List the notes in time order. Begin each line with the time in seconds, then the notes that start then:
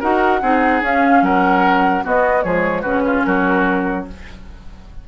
0.00 D#4 F#4 A#4 F#5
0.42 C4 D#4 G#4
0.82 C#4 F5
1.22 F#3 A#4 F#5
2.04 B3 F#4 D#5
2.42 F3 G#3 G#4 C#5
2.82 C#3 C#4 F#4 B4
3.06 F4
3.24 F#3 F#4 A#4